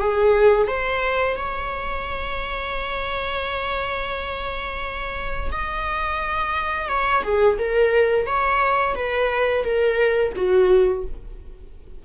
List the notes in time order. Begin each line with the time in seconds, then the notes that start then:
0.00 G#4
0.67 C5
1.37 C#5
5.52 D#5
6.88 C#5
7.23 G#4
7.59 A#4
8.26 C#5
8.95 B4
9.64 A#4
10.36 F#4